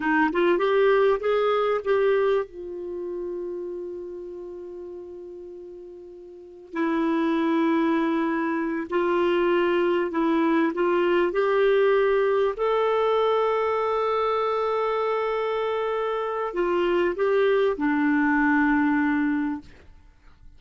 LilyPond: \new Staff \with { instrumentName = "clarinet" } { \time 4/4 \tempo 4 = 98 dis'8 f'8 g'4 gis'4 g'4 | f'1~ | f'2. e'4~ | e'2~ e'8 f'4.~ |
f'8 e'4 f'4 g'4.~ | g'8 a'2.~ a'8~ | a'2. f'4 | g'4 d'2. | }